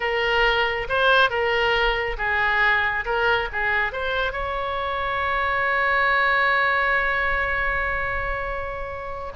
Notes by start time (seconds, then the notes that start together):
0.00 A#4
0.88 C5
1.30 A#4
2.17 G#4
3.05 A#4
3.52 G#4
3.92 C5
4.32 C#5